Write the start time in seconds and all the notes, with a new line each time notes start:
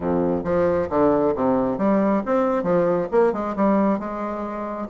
0.00 F2
0.44 F3
0.89 D3
1.35 C3
1.78 G3
2.25 C4
2.63 F3
3.11 A#3
3.32 G#3
3.56 G3
3.99 G#3